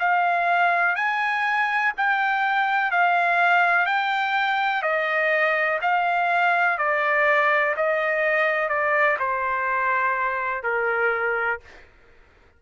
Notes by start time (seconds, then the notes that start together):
0.00 F5
0.95 G#5
1.98 G5
2.91 F5
3.86 G5
4.83 D#5
5.82 F5
6.78 D5
7.76 D#5
8.69 D5
9.19 C5
10.64 A#4